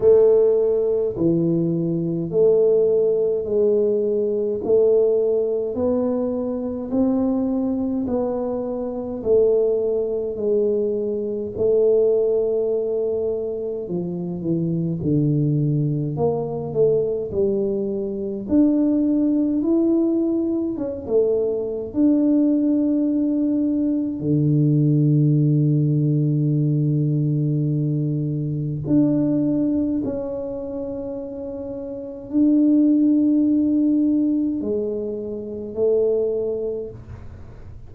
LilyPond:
\new Staff \with { instrumentName = "tuba" } { \time 4/4 \tempo 4 = 52 a4 e4 a4 gis4 | a4 b4 c'4 b4 | a4 gis4 a2 | f8 e8 d4 ais8 a8 g4 |
d'4 e'4 cis'16 a8. d'4~ | d'4 d2.~ | d4 d'4 cis'2 | d'2 gis4 a4 | }